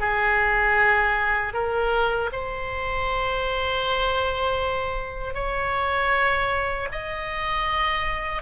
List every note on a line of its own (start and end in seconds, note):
0.00 1.53 G#4
1.53 2.30 A#4
2.33 5.35 C5
5.35 6.88 C#5
6.92 8.43 D#5